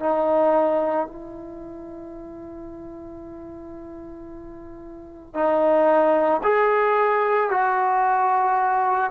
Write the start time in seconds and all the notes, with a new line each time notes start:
0.00 D#4
1.07 E4
5.35 D#4
6.43 G#4
7.50 F#4